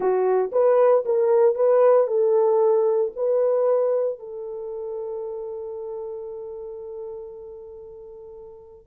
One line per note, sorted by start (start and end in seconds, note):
0.00 0.50 F#4
0.52 1.04 B4
1.05 1.55 A#4
1.55 2.07 B4
2.07 3.11 A4
3.16 4.19 B4
4.19 8.86 A4